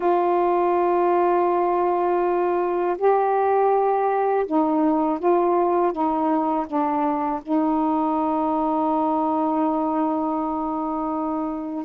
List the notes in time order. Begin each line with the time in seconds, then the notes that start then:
0.00 F4
2.98 G4
4.46 D#4
5.19 F4
5.92 D#4
6.66 D4
7.42 D#4